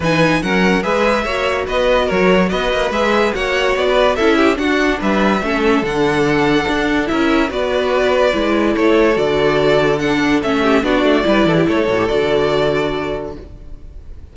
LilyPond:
<<
  \new Staff \with { instrumentName = "violin" } { \time 4/4 \tempo 4 = 144 gis''4 fis''4 e''2 | dis''4 cis''4 dis''4 e''4 | fis''4 d''4 e''4 fis''4 | e''2 fis''2~ |
fis''4 e''4 d''2~ | d''4 cis''4 d''2 | fis''4 e''4 d''2 | cis''4 d''2. | }
  \new Staff \with { instrumentName = "violin" } { \time 4/4 b'4 ais'4 b'4 cis''4 | b'4 ais'4 b'2 | cis''4~ cis''16 b'8. a'8 g'8 fis'4 | b'4 a'2.~ |
a'4 ais'4 b'2~ | b'4 a'2.~ | a'4. g'8 fis'4 b'8 a'16 g'16 | a'1 | }
  \new Staff \with { instrumentName = "viola" } { \time 4/4 dis'4 cis'4 gis'4 fis'4~ | fis'2. gis'4 | fis'2 e'4 d'4~ | d'4 cis'4 d'2~ |
d'4 e'4 fis'2 | e'2 fis'2 | d'4 cis'4 d'4 e'4~ | e'8 fis'16 g'16 fis'2. | }
  \new Staff \with { instrumentName = "cello" } { \time 4/4 e4 fis4 gis4 ais4 | b4 fis4 b8 ais8 gis4 | ais4 b4 cis'4 d'4 | g4 a4 d2 |
d'4 cis'4 b2 | gis4 a4 d2~ | d4 a4 b8 a8 g8 e8 | a8 a,8 d2. | }
>>